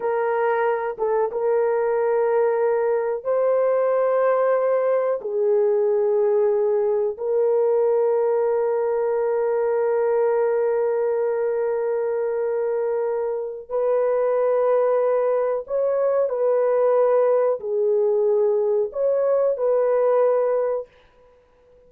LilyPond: \new Staff \with { instrumentName = "horn" } { \time 4/4 \tempo 4 = 92 ais'4. a'8 ais'2~ | ais'4 c''2. | gis'2. ais'4~ | ais'1~ |
ais'1~ | ais'4 b'2. | cis''4 b'2 gis'4~ | gis'4 cis''4 b'2 | }